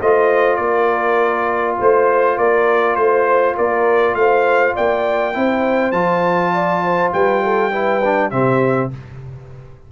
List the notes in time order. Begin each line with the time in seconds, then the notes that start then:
0.00 A3 F4 C5 D#5
0.56 A#3 A#4 D5
1.79 A3 C5
2.38 A#3 A#4 D5
2.96 A3 C5
3.56 A#3 A#4 D5
4.15 A3 C5 F5
4.75 A#3 D5 G5
5.34 C4 E4 C5
5.92 F3 F4 A5
6.54 D5
6.84 C5
7.13 G3 B4 G5
7.44 A4
7.72 E4 B4
8.04 D4
8.31 C3 C4 G4 E5